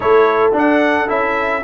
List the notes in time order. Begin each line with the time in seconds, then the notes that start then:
0.00 A3 E4 A4 C#5
0.52 D4 F#5
1.07 C#4 E4 E5